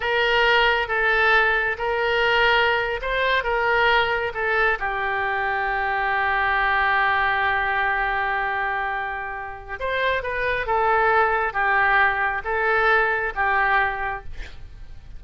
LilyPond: \new Staff \with { instrumentName = "oboe" } { \time 4/4 \tempo 4 = 135 ais'2 a'2 | ais'2~ ais'8. c''4 ais'16~ | ais'4.~ ais'16 a'4 g'4~ g'16~ | g'1~ |
g'1~ | g'2 c''4 b'4 | a'2 g'2 | a'2 g'2 | }